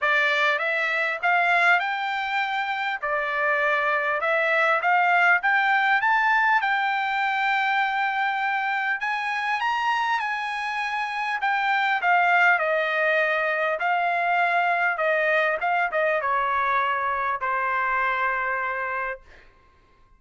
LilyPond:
\new Staff \with { instrumentName = "trumpet" } { \time 4/4 \tempo 4 = 100 d''4 e''4 f''4 g''4~ | g''4 d''2 e''4 | f''4 g''4 a''4 g''4~ | g''2. gis''4 |
ais''4 gis''2 g''4 | f''4 dis''2 f''4~ | f''4 dis''4 f''8 dis''8 cis''4~ | cis''4 c''2. | }